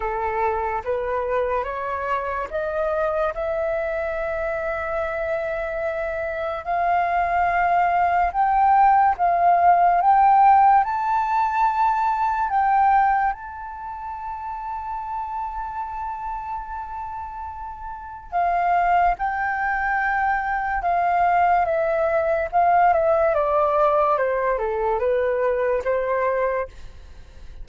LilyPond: \new Staff \with { instrumentName = "flute" } { \time 4/4 \tempo 4 = 72 a'4 b'4 cis''4 dis''4 | e''1 | f''2 g''4 f''4 | g''4 a''2 g''4 |
a''1~ | a''2 f''4 g''4~ | g''4 f''4 e''4 f''8 e''8 | d''4 c''8 a'8 b'4 c''4 | }